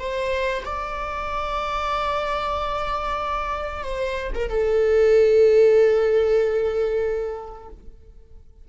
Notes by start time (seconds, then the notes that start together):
0.00 C5
0.65 D5
3.84 C5
4.34 A#4
4.50 A4